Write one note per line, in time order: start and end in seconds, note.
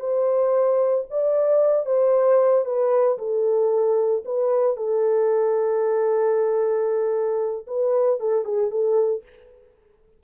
0.00 1.05 C5
1.10 1.86 D5
1.86 2.65 C5
2.65 3.18 B4
3.18 4.24 A4
4.25 4.77 B4
4.77 7.66 A4
7.67 8.20 B4
8.20 8.45 A4
8.45 8.71 G#4
8.71 9.23 A4